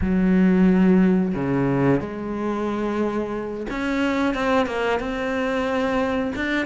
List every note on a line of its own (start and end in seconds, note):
0.01 1.34 F#3
1.35 2.00 C#3
2.00 3.67 G#3
3.70 4.34 C#4
4.34 4.66 C4
4.66 4.99 A#3
4.99 6.32 C4
6.35 6.65 D4